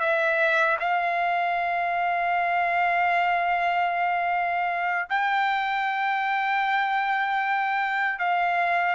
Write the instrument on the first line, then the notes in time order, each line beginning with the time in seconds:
trumpet
0.00 E5
0.80 F5
5.10 G5
8.20 F5